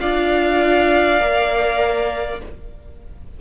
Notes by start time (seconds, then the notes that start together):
0.00 D4 F4 D5 F5
1.20 A#3 A#4